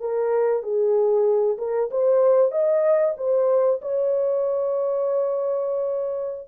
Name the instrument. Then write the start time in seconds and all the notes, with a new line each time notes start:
horn
0.00 A#4
0.63 G#4
1.58 A#4
1.91 C5
2.51 D#5
3.18 C5
3.82 C#5